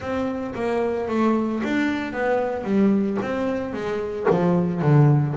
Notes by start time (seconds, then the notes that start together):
0.00 C4
0.54 A#3
1.08 A3
1.63 D4
2.12 B3
2.63 G3
3.21 C4
3.73 G#3
4.30 F3
4.81 D3